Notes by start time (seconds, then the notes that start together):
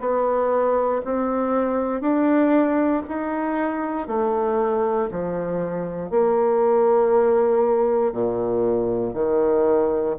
0.00 B3
1.05 C4
2.01 D4
3.09 D#4
4.08 A3
5.12 F3
6.11 A#3
8.13 A#2
9.14 D#3